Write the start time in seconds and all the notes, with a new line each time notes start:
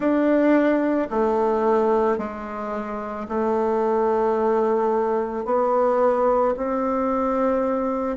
0.00 D4
1.10 A3
2.18 G#3
3.28 A3
5.45 B3
6.57 C4